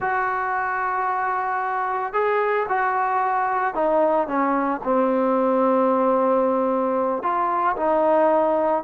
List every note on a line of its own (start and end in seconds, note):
0.00 2.13 F#4
2.13 2.66 G#4
2.69 3.74 F#4
3.74 4.27 D#4
4.27 4.81 C#4
4.83 7.22 C4
7.22 7.76 F4
7.76 8.83 D#4